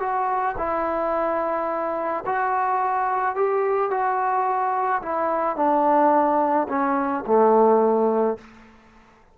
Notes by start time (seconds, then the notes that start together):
0.00 F#4
0.58 E4
2.26 F#4
3.35 G4
3.90 F#4
5.02 E4
5.56 D4
6.69 C#4
7.27 A3